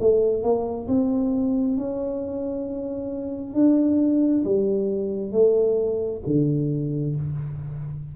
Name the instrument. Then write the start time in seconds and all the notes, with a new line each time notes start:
tuba
0.00 A3
0.43 A#3
0.88 C4
1.77 C#4
3.54 D4
4.45 G3
5.32 A3
6.26 D3